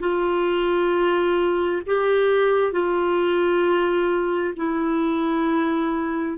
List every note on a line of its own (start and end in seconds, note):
0.00 1.82 F4
1.86 2.72 G4
2.72 4.54 F4
4.56 6.38 E4